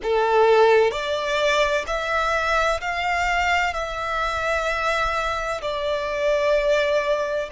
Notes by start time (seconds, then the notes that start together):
0.03 A4
0.91 D5
1.86 E5
2.80 F5
3.73 E5
5.61 D5